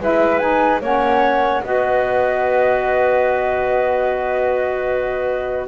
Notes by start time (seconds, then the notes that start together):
0.00 G#3 E4 B4 E5
0.39 D#4 G#5
0.81 A#3 C#4 C#5 F#5
1.63 B3 F#4 B4 D#5